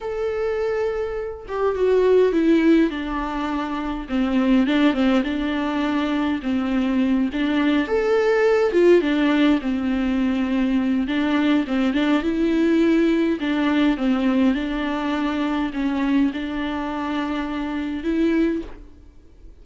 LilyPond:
\new Staff \with { instrumentName = "viola" } { \time 4/4 \tempo 4 = 103 a'2~ a'8 g'8 fis'4 | e'4 d'2 c'4 | d'8 c'8 d'2 c'4~ | c'8 d'4 a'4. f'8 d'8~ |
d'8 c'2~ c'8 d'4 | c'8 d'8 e'2 d'4 | c'4 d'2 cis'4 | d'2. e'4 | }